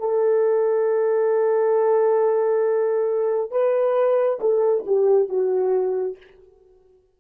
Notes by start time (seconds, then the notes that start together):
0.00 A4
3.51 B4
4.41 A4
4.87 G4
5.29 F#4